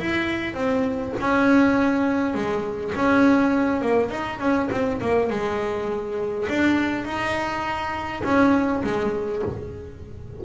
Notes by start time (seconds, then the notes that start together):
0.00 E4
0.54 C4
1.21 C#4
2.34 G#3
2.96 C#4
3.82 A#3
4.11 D#4
4.40 C#4
4.71 C4
5.01 A#3
5.30 G#3
6.49 D4
7.05 D#4
8.24 C#4
8.84 G#3